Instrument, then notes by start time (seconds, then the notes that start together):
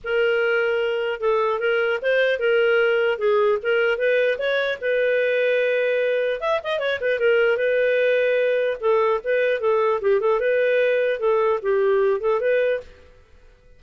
clarinet
0.03 A#4
1.20 A4
1.59 A#4
2.01 C5
2.39 A#4
3.18 G#4
3.62 A#4
3.98 B4
4.38 C#5
4.81 B4
6.40 E5
6.63 D#5
6.79 C#5
7.01 B4
7.19 A#4
7.57 B4
8.80 A4
9.24 B4
9.60 A4
10.01 G4
10.20 A4
10.40 B4
11.19 A4
11.62 G4
12.20 A4
12.40 B4